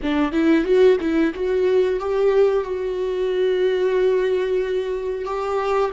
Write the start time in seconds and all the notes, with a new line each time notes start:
0.02 D4
0.31 E4
0.64 F#4
1.00 E4
1.34 F#4
1.99 G4
2.64 F#4
5.24 G4